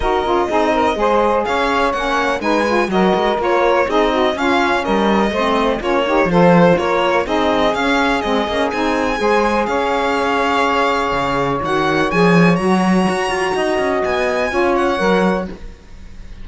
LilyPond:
<<
  \new Staff \with { instrumentName = "violin" } { \time 4/4 \tempo 4 = 124 dis''2. f''4 | fis''4 gis''4 dis''4 cis''4 | dis''4 f''4 dis''2 | cis''4 c''4 cis''4 dis''4 |
f''4 dis''4 gis''2 | f''1 | fis''4 gis''4 ais''2~ | ais''4 gis''4. fis''4. | }
  \new Staff \with { instrumentName = "saxophone" } { \time 4/4 ais'4 gis'8 ais'8 c''4 cis''4~ | cis''4 b'4 ais'2 | gis'8 fis'8 f'4 ais'4 c''4 | f'8 g'8 a'4 ais'4 gis'4~ |
gis'2. c''4 | cis''1~ | cis''1 | dis''2 cis''2 | }
  \new Staff \with { instrumentName = "saxophone" } { \time 4/4 fis'8 f'8 dis'4 gis'2 | cis'4 dis'8 f'8 fis'4 f'4 | dis'4 cis'2 c'4 | cis'8 dis'8 f'2 dis'4 |
cis'4 c'8 cis'8 dis'4 gis'4~ | gis'1 | fis'4 gis'4 fis'2~ | fis'2 f'4 ais'4 | }
  \new Staff \with { instrumentName = "cello" } { \time 4/4 dis'8 cis'8 c'4 gis4 cis'4 | ais4 gis4 fis8 gis8 ais4 | c'4 cis'4 g4 a4 | ais4 f4 ais4 c'4 |
cis'4 gis8 ais8 c'4 gis4 | cis'2. cis4 | dis4 f4 fis4 fis'8 f'8 | dis'8 cis'8 b4 cis'4 fis4 | }
>>